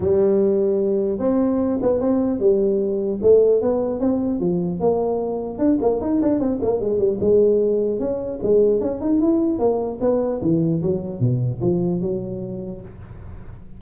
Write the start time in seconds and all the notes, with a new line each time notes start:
0.00 G3
1.18 C4
1.81 B3
2.00 C4
2.39 G3
3.22 A3
3.61 B3
4.00 C4
4.40 F3
4.80 A#3
5.58 D4
5.81 A#3
6.01 D#4
6.21 D4
6.39 C4
6.62 A#3
6.80 G#3
6.99 G3
7.20 G#3
7.99 C#4
8.43 G#3
8.80 C#4
9.01 D#4
9.20 E4
9.58 A#3
10.01 B3
10.41 E3
10.82 F#3
11.20 B2
11.61 F3
12.01 F#3